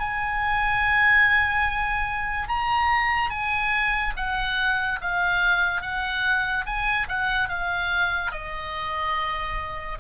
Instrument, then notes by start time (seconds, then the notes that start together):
oboe
0.00 G#5
2.49 A#5
3.30 G#5
4.17 F#5
5.02 F5
5.82 F#5
6.66 G#5
7.09 F#5
7.49 F5
8.32 D#5